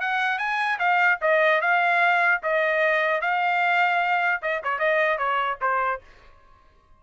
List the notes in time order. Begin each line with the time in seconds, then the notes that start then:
0.00 F#5
0.38 G#5
0.79 F5
1.21 D#5
1.61 F5
2.43 D#5
3.21 F5
4.42 D#5
4.63 C#5
4.78 D#5
5.18 C#5
5.61 C5